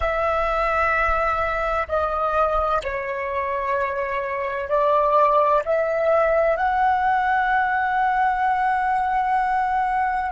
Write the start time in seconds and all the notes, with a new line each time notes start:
0.00 E5
1.88 D#5
2.83 C#5
4.69 D5
5.65 E5
6.56 F#5